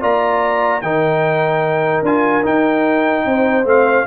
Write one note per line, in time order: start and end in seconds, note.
0.00 0.82 A#3
0.00 0.81 F4
0.00 0.82 D5
0.00 0.81 A#5
0.81 2.02 D#3
0.81 2.05 D#4
0.81 3.26 A#4
0.81 2.03 G5
2.02 2.43 D4
2.02 2.43 F4
2.02 2.45 G#5
2.43 3.64 D#4
2.43 3.25 D#4
2.43 3.67 G5
3.25 3.64 C4
3.25 4.07 C5
3.64 4.05 A3
3.64 4.05 C4
3.64 4.07 F5